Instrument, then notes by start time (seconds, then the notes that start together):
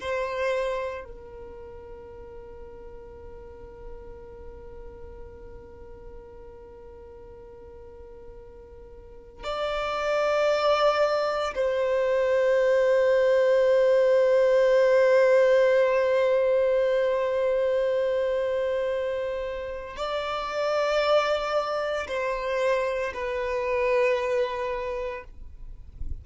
violin
0.00 C5
1.04 A#4
9.43 D5
11.55 C5
19.96 D5
22.07 C5
23.13 B4